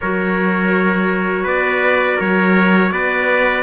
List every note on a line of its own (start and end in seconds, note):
0.00 1.44 F#3
0.00 3.63 F#4
0.00 1.43 A#4
0.00 1.47 C#5
1.43 2.17 B3
1.43 2.16 B4
1.43 2.20 D5
2.16 2.91 F#3
2.16 2.89 A#4
2.16 2.92 C#5
2.91 3.63 B3
2.91 3.63 B4
2.91 3.63 D5